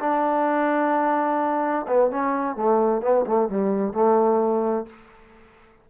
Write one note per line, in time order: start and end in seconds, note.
0.00 1.86 D4
1.88 2.11 B3
2.11 2.56 C#4
2.56 3.02 A3
3.02 3.25 B3
3.26 3.49 A3
3.49 3.93 G3
3.93 4.86 A3